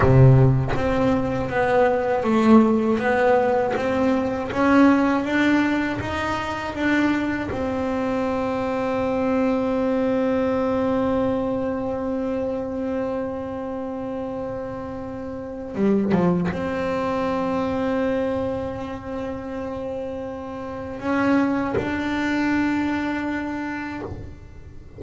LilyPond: \new Staff \with { instrumentName = "double bass" } { \time 4/4 \tempo 4 = 80 c4 c'4 b4 a4 | b4 c'4 cis'4 d'4 | dis'4 d'4 c'2~ | c'1~ |
c'1~ | c'4 g8 f8 c'2~ | c'1 | cis'4 d'2. | }